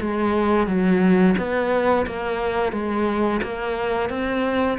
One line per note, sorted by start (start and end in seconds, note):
0.00 0.67 G#3
0.67 1.35 F#3
1.38 2.06 B3
2.06 2.72 A#3
2.72 3.41 G#3
3.42 4.09 A#3
4.09 4.78 C4